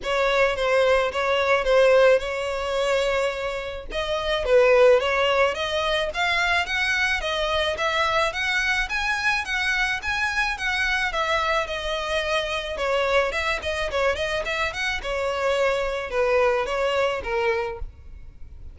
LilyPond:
\new Staff \with { instrumentName = "violin" } { \time 4/4 \tempo 4 = 108 cis''4 c''4 cis''4 c''4 | cis''2. dis''4 | b'4 cis''4 dis''4 f''4 | fis''4 dis''4 e''4 fis''4 |
gis''4 fis''4 gis''4 fis''4 | e''4 dis''2 cis''4 | e''8 dis''8 cis''8 dis''8 e''8 fis''8 cis''4~ | cis''4 b'4 cis''4 ais'4 | }